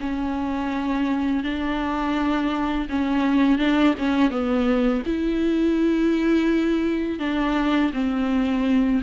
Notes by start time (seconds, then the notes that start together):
0.00 C#4
1.43 D4
2.89 C#4
3.58 D4
3.98 C#4
4.30 B3
5.06 E4
7.19 D4
7.93 C4